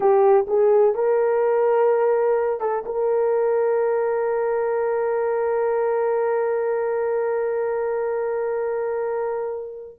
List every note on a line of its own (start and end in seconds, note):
0.00 0.45 G4
0.47 0.94 G#4
0.94 2.60 A#4
2.60 2.84 A4
2.85 9.99 A#4